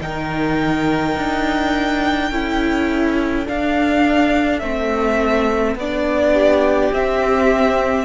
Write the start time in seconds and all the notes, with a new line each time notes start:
0.00 D#3 D#4 A#4 G5
1.17 D4
2.30 C#4 E4 A4
3.45 D4 F5
4.59 A3 C4 E5
5.75 B3 D4 D5
6.33 G4
6.93 C4 E5